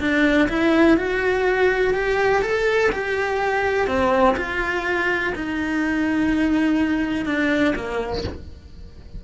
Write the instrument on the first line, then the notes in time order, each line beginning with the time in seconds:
cello
0.00 D4
0.49 E4
0.97 F#4
1.94 G4
2.42 A4
2.92 G4
3.87 C4
4.37 F4
5.35 D#4
7.26 D4
7.76 A#3